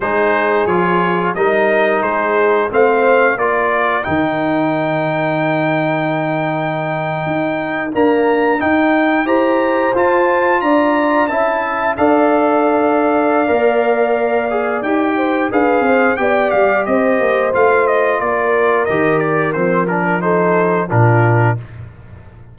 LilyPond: <<
  \new Staff \with { instrumentName = "trumpet" } { \time 4/4 \tempo 4 = 89 c''4 cis''4 dis''4 c''4 | f''4 d''4 g''2~ | g''2.~ g''8. ais''16~ | ais''8. g''4 ais''4 a''4 ais''16~ |
ais''8. a''4 f''2~ f''16~ | f''2 g''4 f''4 | g''8 f''8 dis''4 f''8 dis''8 d''4 | dis''8 d''8 c''8 ais'8 c''4 ais'4 | }
  \new Staff \with { instrumentName = "horn" } { \time 4/4 gis'2 ais'4 gis'4 | c''4 ais'2.~ | ais'1~ | ais'4.~ ais'16 c''2 d''16~ |
d''8. e''4 d''2~ d''16~ | d''2~ d''8 c''8 b'8 c''8 | d''4 c''2 ais'4~ | ais'2 a'4 f'4 | }
  \new Staff \with { instrumentName = "trombone" } { \time 4/4 dis'4 f'4 dis'2 | c'4 f'4 dis'2~ | dis'2.~ dis'8. ais16~ | ais8. dis'4 g'4 f'4~ f'16~ |
f'8. e'4 a'2~ a'16 | ais'4. gis'8 g'4 gis'4 | g'2 f'2 | g'4 c'8 d'8 dis'4 d'4 | }
  \new Staff \with { instrumentName = "tuba" } { \time 4/4 gis4 f4 g4 gis4 | a4 ais4 dis2~ | dis2~ dis8. dis'4 d'16~ | d'8. dis'4 e'4 f'4 d'16~ |
d'8. cis'4 d'2~ d'16 | ais2 dis'4 d'8 c'8 | b8 g8 c'8 ais8 a4 ais4 | dis4 f2 ais,4 | }
>>